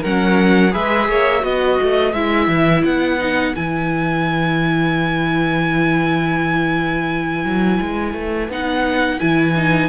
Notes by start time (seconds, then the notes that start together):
0.00 F#3 C#4 A#4 F#5
0.70 G#3 G#4 B4 E5
1.08 A#3 C#5
1.40 B3 F#4 B4 D#5
1.82 A3
2.13 G#3 E4 E5
2.47 E3
2.84 B3 F#5
3.19 D#4
3.55 E3 E4 G#5
7.44 F#3
7.81 G#3
8.13 A3
8.49 B3 D#4 F#5
9.19 E3 E4 G#5
9.56 D#4